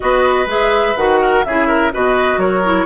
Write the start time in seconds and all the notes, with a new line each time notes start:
0.00 B3 F#4 B4 D#5
0.46 G#3 G#4 E5
0.96 D#3 F#4 F#5
1.20 A#4
1.44 C#3 E4 G#4 E5
1.67 A#4
1.92 B2 F#4 B4 D#5
2.37 F#3 A#4 C#5
2.63 E4